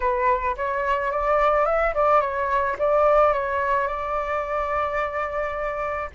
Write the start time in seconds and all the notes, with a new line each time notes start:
0.00 B4
0.57 C#5
1.11 D5
1.65 E5
1.94 D5
2.20 C#5
2.78 D5
3.33 C#5
3.87 D5